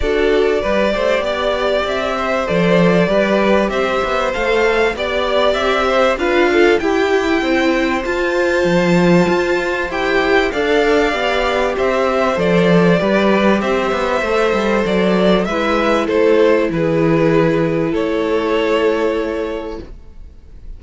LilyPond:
<<
  \new Staff \with { instrumentName = "violin" } { \time 4/4 \tempo 4 = 97 d''2. e''4 | d''2 e''4 f''4 | d''4 e''4 f''4 g''4~ | g''4 a''2. |
g''4 f''2 e''4 | d''2 e''2 | d''4 e''4 c''4 b'4~ | b'4 cis''2. | }
  \new Staff \with { instrumentName = "violin" } { \time 4/4 a'4 b'8 c''8 d''4. c''8~ | c''4 b'4 c''2 | d''4. c''8 b'8 a'8 g'4 | c''1~ |
c''4 d''2 c''4~ | c''4 b'4 c''2~ | c''4 b'4 a'4 gis'4~ | gis'4 a'2. | }
  \new Staff \with { instrumentName = "viola" } { \time 4/4 fis'4 g'2. | a'4 g'2 a'4 | g'2 f'4 e'4~ | e'4 f'2. |
g'4 a'4 g'2 | a'4 g'2 a'4~ | a'4 e'2.~ | e'1 | }
  \new Staff \with { instrumentName = "cello" } { \time 4/4 d'4 g8 a8 b4 c'4 | f4 g4 c'8 b8 a4 | b4 c'4 d'4 e'4 | c'4 f'4 f4 f'4 |
e'4 d'4 b4 c'4 | f4 g4 c'8 b8 a8 g8 | fis4 gis4 a4 e4~ | e4 a2. | }
>>